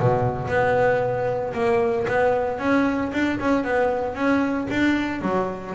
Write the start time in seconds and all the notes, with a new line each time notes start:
0.00 B2
0.49 B3
1.54 A#3
2.08 B3
2.59 C#4
3.13 D4
3.40 C#4
3.64 B3
4.15 C#4
4.71 D4
5.22 F#3